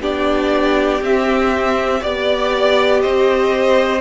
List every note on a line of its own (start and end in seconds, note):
0.00 1.00 B3
0.00 1.02 D4
0.00 2.00 G4
0.00 1.02 D5
1.01 2.01 C4
1.01 2.00 C4
1.01 2.03 E5
2.00 3.03 B3
2.00 4.00 G4
2.00 3.00 D5
2.00 3.01 D5
3.01 4.01 C4
3.01 4.01 C5
3.01 4.01 D#5